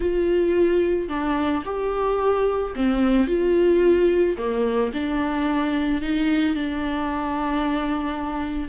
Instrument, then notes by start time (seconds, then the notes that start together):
viola
0.00 F4
1.08 D4
1.65 G4
2.75 C4
3.27 F4
4.37 A#3
4.93 D4
6.01 D#4
6.55 D4